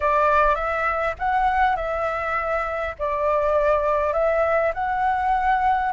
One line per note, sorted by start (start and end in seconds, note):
0.00 0.55 D5
0.55 1.14 E5
1.19 1.76 F#5
1.76 2.95 E5
2.99 4.13 D5
4.13 4.72 E5
4.74 5.92 F#5